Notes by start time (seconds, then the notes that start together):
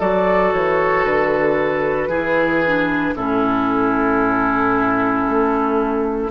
0.00 F#3 F#4 A4 D5
0.53 E3 C#5
1.05 D3 B4
2.08 E3 E4 G#4
2.67 D4
3.16 A2 C#4 E4 A4
5.27 A3